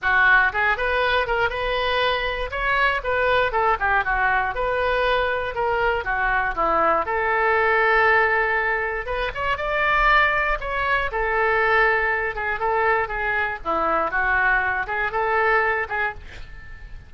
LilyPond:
\new Staff \with { instrumentName = "oboe" } { \time 4/4 \tempo 4 = 119 fis'4 gis'8 b'4 ais'8 b'4~ | b'4 cis''4 b'4 a'8 g'8 | fis'4 b'2 ais'4 | fis'4 e'4 a'2~ |
a'2 b'8 cis''8 d''4~ | d''4 cis''4 a'2~ | a'8 gis'8 a'4 gis'4 e'4 | fis'4. gis'8 a'4. gis'8 | }